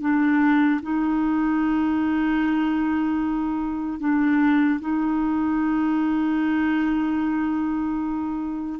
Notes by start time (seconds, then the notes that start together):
0.00 D4
0.81 D#4
3.99 D4
4.80 D#4